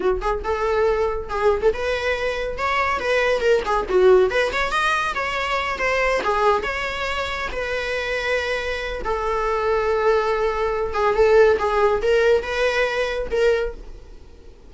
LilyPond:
\new Staff \with { instrumentName = "viola" } { \time 4/4 \tempo 4 = 140 fis'8 gis'8 a'2 gis'8. a'16 | b'2 cis''4 b'4 | ais'8 gis'8 fis'4 b'8 cis''8 dis''4 | cis''4. c''4 gis'4 cis''8~ |
cis''4. b'2~ b'8~ | b'4 a'2.~ | a'4. gis'8 a'4 gis'4 | ais'4 b'2 ais'4 | }